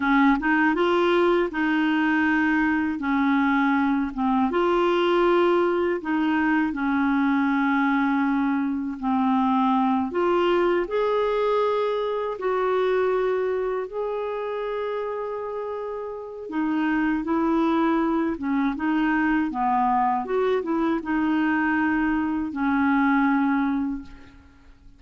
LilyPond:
\new Staff \with { instrumentName = "clarinet" } { \time 4/4 \tempo 4 = 80 cis'8 dis'8 f'4 dis'2 | cis'4. c'8 f'2 | dis'4 cis'2. | c'4. f'4 gis'4.~ |
gis'8 fis'2 gis'4.~ | gis'2 dis'4 e'4~ | e'8 cis'8 dis'4 b4 fis'8 e'8 | dis'2 cis'2 | }